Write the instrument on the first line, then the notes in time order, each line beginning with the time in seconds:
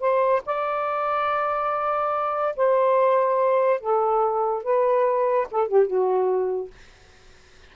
saxophone
0.00 C5
0.46 D5
2.56 C5
3.80 A4
4.63 B4
5.51 A4
5.68 G4
5.87 F#4